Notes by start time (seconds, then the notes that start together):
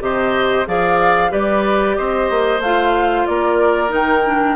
0.00 C3 G4 C5 D#5
0.66 F3 G#4 D5 F5
1.29 G3 G4 B4 D5
1.96 C4 C5 D#5
2.30 A#3
2.59 A3 F4 F5
3.26 A#3 A#4 D5
3.88 D#3 D#4 G5
4.25 D4